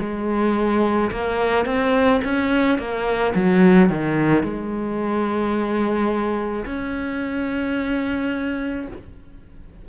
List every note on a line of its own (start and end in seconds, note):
0.00 1.11 G#3
1.12 1.66 A#3
1.66 2.22 C4
2.24 2.79 C#4
2.79 3.34 A#3
3.35 3.89 F#3
3.89 4.43 D#3
4.43 6.66 G#3
6.66 8.88 C#4